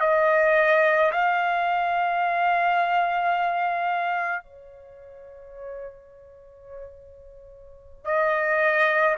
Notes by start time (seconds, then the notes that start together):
0.00 D#5
1.11 F5
4.43 C#5
8.05 D#5